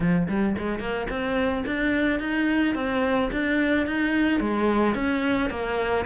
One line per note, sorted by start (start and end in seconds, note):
0.00 0.27 F3
0.28 0.55 G3
0.58 0.79 G#3
0.79 1.07 A#3
1.09 1.64 C4
1.66 2.19 D4
2.19 2.74 D#4
2.74 3.30 C4
3.32 3.86 D4
3.86 4.40 D#4
4.40 4.94 G#3
4.94 5.49 C#4
5.50 6.05 A#3